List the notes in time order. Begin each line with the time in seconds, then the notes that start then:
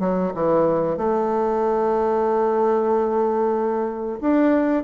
0.00 F#3
0.35 E3
0.97 A3
4.21 D4